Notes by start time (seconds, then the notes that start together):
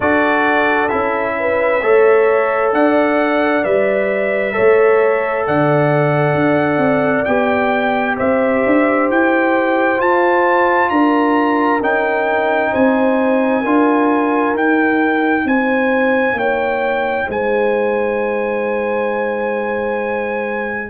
0.00 D4 F#4 A4 D5
0.88 C#4 E4 E5
1.39 B4
1.82 A3 A4 C#5
2.72 D4 D5 F#5
3.63 G3 B4 E5
4.52 A4 C#5
4.59 A3
5.46 D3 D5 F#5
6.34 D4
6.77 C4
7.24 B3 G4 G5
8.16 C4 C5 E5
8.66 D4
9.10 E4 G5
9.97 F4 A5
10.89 D4 A#4 A#5
11.81 C#4 D#4 G5
12.71 C4 C5 G#5
13.60 D4 F4 A#4
14.54 D#4 G5
15.44 C4 C5 G#5
16.33 A#3 C#5 G5
17.26 G#3 C5 G#5